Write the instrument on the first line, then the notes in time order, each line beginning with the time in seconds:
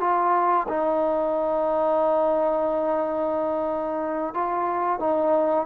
trombone
0.00 F4
0.68 D#4
4.34 F4
4.99 D#4